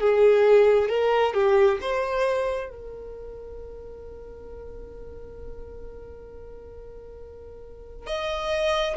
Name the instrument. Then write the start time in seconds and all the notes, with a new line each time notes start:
violin
0.00 G#4
0.89 A#4
1.34 G4
1.81 C5
2.70 A#4
8.06 D#5